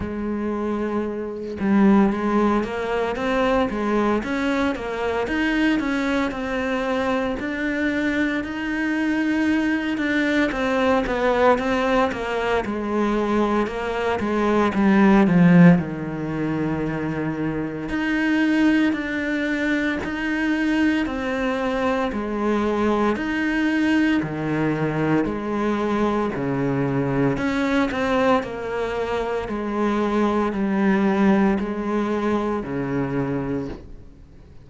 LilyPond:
\new Staff \with { instrumentName = "cello" } { \time 4/4 \tempo 4 = 57 gis4. g8 gis8 ais8 c'8 gis8 | cis'8 ais8 dis'8 cis'8 c'4 d'4 | dis'4. d'8 c'8 b8 c'8 ais8 | gis4 ais8 gis8 g8 f8 dis4~ |
dis4 dis'4 d'4 dis'4 | c'4 gis4 dis'4 dis4 | gis4 cis4 cis'8 c'8 ais4 | gis4 g4 gis4 cis4 | }